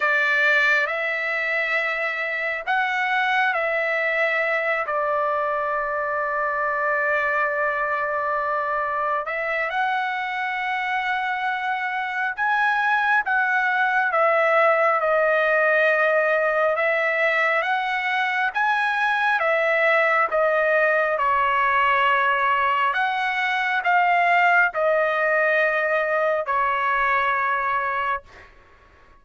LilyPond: \new Staff \with { instrumentName = "trumpet" } { \time 4/4 \tempo 4 = 68 d''4 e''2 fis''4 | e''4. d''2~ d''8~ | d''2~ d''8 e''8 fis''4~ | fis''2 gis''4 fis''4 |
e''4 dis''2 e''4 | fis''4 gis''4 e''4 dis''4 | cis''2 fis''4 f''4 | dis''2 cis''2 | }